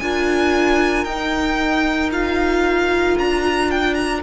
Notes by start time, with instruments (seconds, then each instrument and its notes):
0.00 cello D4, viola F4, violin A#4 G#5
1.05 cello D#4, viola D#4, violin G5
2.13 viola F4, violin F5
3.18 cello D4, violin A#5
3.71 violin G5
3.95 violin A#5